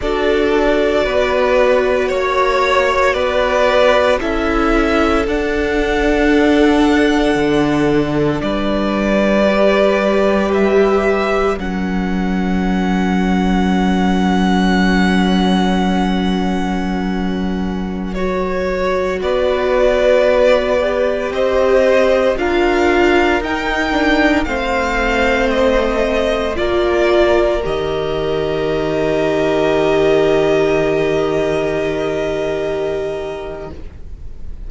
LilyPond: <<
  \new Staff \with { instrumentName = "violin" } { \time 4/4 \tempo 4 = 57 d''2 cis''4 d''4 | e''4 fis''2. | d''2 e''4 fis''4~ | fis''1~ |
fis''4~ fis''16 cis''4 d''4.~ d''16~ | d''16 dis''4 f''4 g''4 f''8.~ | f''16 dis''4 d''4 dis''4.~ dis''16~ | dis''1 | }
  \new Staff \with { instrumentName = "violin" } { \time 4/4 a'4 b'4 cis''4 b'4 | a'1 | b'2. ais'4~ | ais'1~ |
ais'2~ ais'16 b'4.~ b'16~ | b'16 c''4 ais'2 c''8.~ | c''4~ c''16 ais'2~ ais'8.~ | ais'1 | }
  \new Staff \with { instrumentName = "viola" } { \time 4/4 fis'1 | e'4 d'2.~ | d'4 g'2 cis'4~ | cis'1~ |
cis'4~ cis'16 fis'2~ fis'8 g'16~ | g'4~ g'16 f'4 dis'8 d'8 c'8.~ | c'4~ c'16 f'4 g'4.~ g'16~ | g'1 | }
  \new Staff \with { instrumentName = "cello" } { \time 4/4 d'4 b4 ais4 b4 | cis'4 d'2 d4 | g2. fis4~ | fis1~ |
fis2~ fis16 b4.~ b16~ | b16 c'4 d'4 dis'4 a8.~ | a4~ a16 ais4 dis4.~ dis16~ | dis1 | }
>>